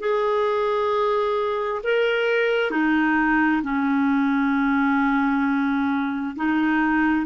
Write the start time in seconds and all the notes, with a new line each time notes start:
0.00 G#4
1.84 A#4
2.71 D#4
3.63 C#4
6.36 D#4